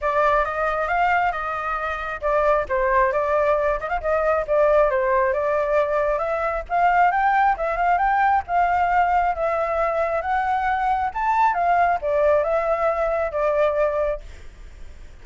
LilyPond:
\new Staff \with { instrumentName = "flute" } { \time 4/4 \tempo 4 = 135 d''4 dis''4 f''4 dis''4~ | dis''4 d''4 c''4 d''4~ | d''8 dis''16 f''16 dis''4 d''4 c''4 | d''2 e''4 f''4 |
g''4 e''8 f''8 g''4 f''4~ | f''4 e''2 fis''4~ | fis''4 a''4 f''4 d''4 | e''2 d''2 | }